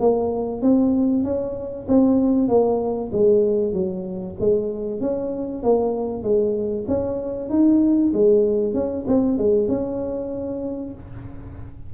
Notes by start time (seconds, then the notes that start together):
0.00 A#3
0.62 C4
1.24 C#4
1.89 C4
2.49 A#3
3.12 G#3
3.73 F#3
4.40 G#3
5.01 C#4
5.63 A#3
6.23 G#3
6.88 C#4
7.50 D#4
8.14 G#3
8.74 C#4
9.08 C4
9.38 G#3
9.69 C#4